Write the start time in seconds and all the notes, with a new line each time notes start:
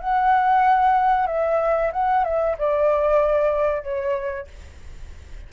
0.00 F#5
1.27 E5
1.93 F#5
2.24 E5
2.58 D5
3.83 C#5